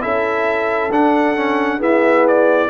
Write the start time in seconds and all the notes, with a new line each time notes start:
0.00 C#4 E4 A4 E5
0.91 D4 F#5
1.36 C#4
1.78 B3 E4 G#4 E5
2.27 D5